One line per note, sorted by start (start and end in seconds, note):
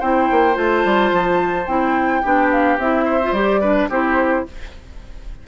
0.00 0.30 C4
0.00 0.54 E4
0.00 2.22 C5
0.00 0.56 G5
0.31 0.57 A#3
0.54 0.85 A3
0.54 1.65 F4
0.54 1.67 A5
0.85 1.12 G3
1.12 1.68 F3
1.67 2.23 C4
1.67 2.24 E4
1.67 2.50 G5
2.22 2.78 B3
2.22 2.80 D4
2.22 3.05 G4
2.51 2.79 F5
2.78 3.32 C4
2.78 3.22 E4
2.78 3.33 E5
3.05 3.61 C5
3.23 3.35 F4
3.32 3.88 G3
3.32 3.63 G4
3.32 3.89 D5
3.61 3.90 D4
3.61 3.89 B4
3.90 4.45 C4
3.90 4.47 E4
3.90 4.45 G4
3.90 4.48 C5